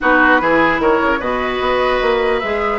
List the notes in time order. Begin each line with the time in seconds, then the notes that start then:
0.00 B3 D#4 F#4 B4
0.40 E3 E4 G#4
0.79 D#3 A#4 C#5
1.02 C#3
1.19 B2 F#4 B4 D#5
1.60 B3
2.01 A#3
2.40 G#3 G#4 E5